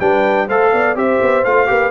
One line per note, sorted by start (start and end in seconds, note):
0.00 0.49 G3
0.00 0.49 D4
0.00 0.47 B4
0.00 0.49 G5
0.47 0.73 A3
0.47 0.96 A4
0.47 0.71 C5
0.47 0.98 F5
0.73 0.96 B3
0.73 0.97 D5
0.96 1.20 C4
0.96 1.44 G4
0.96 1.70 C5
0.96 1.45 E5
1.22 1.45 B3
1.45 1.69 A3
1.45 1.67 F4
1.45 1.92 F5
1.67 1.92 A#3
1.67 1.91 G4
1.67 1.92 B4